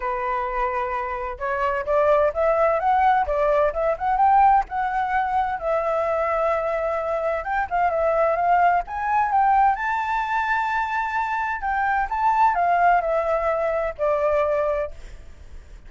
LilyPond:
\new Staff \with { instrumentName = "flute" } { \time 4/4 \tempo 4 = 129 b'2. cis''4 | d''4 e''4 fis''4 d''4 | e''8 fis''8 g''4 fis''2 | e''1 |
g''8 f''8 e''4 f''4 gis''4 | g''4 a''2.~ | a''4 g''4 a''4 f''4 | e''2 d''2 | }